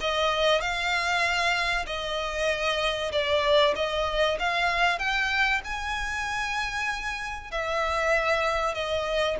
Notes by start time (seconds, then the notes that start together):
0.00 D#5
0.60 F5
1.86 D#5
3.12 D5
3.75 D#5
4.39 F5
4.98 G5
5.64 G#5
7.51 E5
8.74 D#5